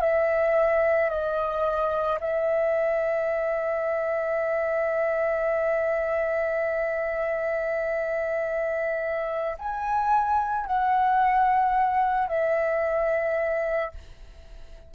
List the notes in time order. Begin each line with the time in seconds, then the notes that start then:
0.00 E5
1.09 D#5
2.20 E5
9.59 G#5
10.66 F#5
12.28 E5